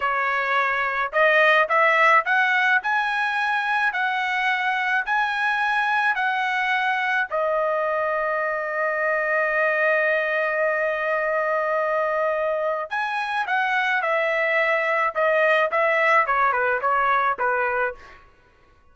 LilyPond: \new Staff \with { instrumentName = "trumpet" } { \time 4/4 \tempo 4 = 107 cis''2 dis''4 e''4 | fis''4 gis''2 fis''4~ | fis''4 gis''2 fis''4~ | fis''4 dis''2.~ |
dis''1~ | dis''2. gis''4 | fis''4 e''2 dis''4 | e''4 cis''8 b'8 cis''4 b'4 | }